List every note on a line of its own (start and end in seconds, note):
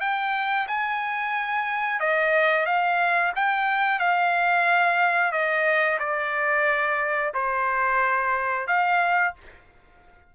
0.00 0.67 G5
0.67 2.00 G#5
2.00 2.65 D#5
2.65 3.32 F5
3.35 3.99 G5
3.99 5.32 F5
5.32 5.98 D#5
5.99 7.32 D5
7.34 8.67 C5
8.67 9.33 F5